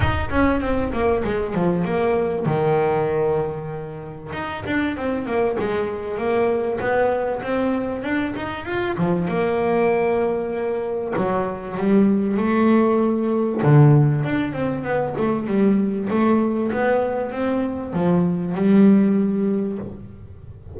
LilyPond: \new Staff \with { instrumentName = "double bass" } { \time 4/4 \tempo 4 = 97 dis'8 cis'8 c'8 ais8 gis8 f8 ais4 | dis2. dis'8 d'8 | c'8 ais8 gis4 ais4 b4 | c'4 d'8 dis'8 f'8 f8 ais4~ |
ais2 fis4 g4 | a2 d4 d'8 c'8 | b8 a8 g4 a4 b4 | c'4 f4 g2 | }